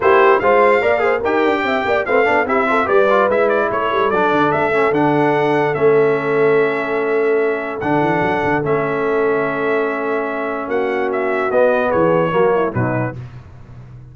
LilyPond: <<
  \new Staff \with { instrumentName = "trumpet" } { \time 4/4 \tempo 4 = 146 c''4 f''2 g''4~ | g''4 f''4 e''4 d''4 | e''8 d''8 cis''4 d''4 e''4 | fis''2 e''2~ |
e''2. fis''4~ | fis''4 e''2.~ | e''2 fis''4 e''4 | dis''4 cis''2 b'4 | }
  \new Staff \with { instrumentName = "horn" } { \time 4/4 g'4 c''4 d''8 c''8 ais'4 | e''8 d''8 b'8 a'8 g'8 a'8 b'4~ | b'4 a'2.~ | a'1~ |
a'1~ | a'1~ | a'2 fis'2~ | fis'4 gis'4 fis'8 e'8 dis'4 | }
  \new Staff \with { instrumentName = "trombone" } { \time 4/4 e'4 f'4 ais'8 gis'8 g'4~ | g'4 c'8 d'8 e'8 f'8 g'8 f'8 | e'2 d'4. cis'8 | d'2 cis'2~ |
cis'2. d'4~ | d'4 cis'2.~ | cis'1 | b2 ais4 fis4 | }
  \new Staff \with { instrumentName = "tuba" } { \time 4/4 ais4 gis4 ais4 dis'8 d'8 | c'8 ais8 a8 b8 c'4 g4 | gis4 a8 g8 fis8 d8 a4 | d2 a2~ |
a2. d8 e8 | fis8 d8 a2.~ | a2 ais2 | b4 e4 fis4 b,4 | }
>>